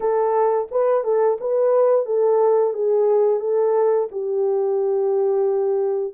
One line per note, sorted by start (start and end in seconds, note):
0.00 0.68 A4
0.71 1.04 B4
1.04 1.38 A4
1.40 2.05 B4
2.05 2.73 A4
2.73 3.40 G#4
3.40 4.08 A4
4.11 6.14 G4